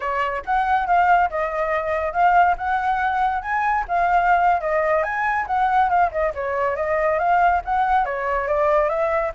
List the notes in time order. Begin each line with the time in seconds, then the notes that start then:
0.00 C#5
0.45 F#5
0.86 F5
1.30 D#5
2.13 F5
2.57 F#5
3.41 G#5
3.88 F5
4.61 D#5
5.03 G#5
5.46 F#5
5.89 F5
6.11 D#5
6.34 C#5
6.76 D#5
7.18 F5
7.64 F#5
8.05 C#5
8.47 D5
8.89 E5